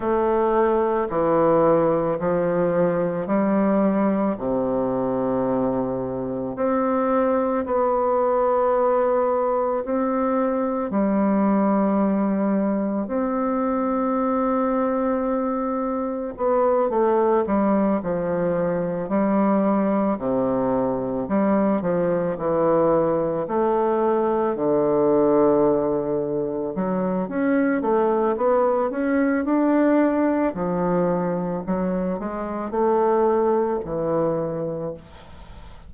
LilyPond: \new Staff \with { instrumentName = "bassoon" } { \time 4/4 \tempo 4 = 55 a4 e4 f4 g4 | c2 c'4 b4~ | b4 c'4 g2 | c'2. b8 a8 |
g8 f4 g4 c4 g8 | f8 e4 a4 d4.~ | d8 fis8 cis'8 a8 b8 cis'8 d'4 | f4 fis8 gis8 a4 e4 | }